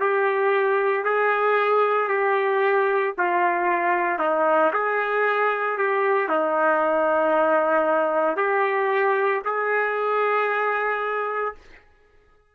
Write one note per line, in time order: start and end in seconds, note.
0.00 1.04 G4
1.04 2.08 G#4
2.08 3.13 G4
3.18 4.19 F4
4.19 4.72 D#4
4.73 5.78 G#4
5.78 6.29 G4
6.29 8.37 D#4
8.37 9.42 G4
9.44 11.55 G#4